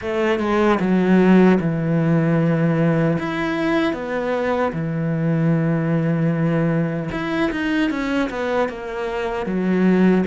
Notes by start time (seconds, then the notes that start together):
0.01 A3
0.39 G#3
0.79 F#3
1.60 E3
3.18 E4
3.93 B3
4.73 E3
7.11 E4
7.51 D#4
7.90 C#4
8.30 B3
8.68 A#3
9.46 F#3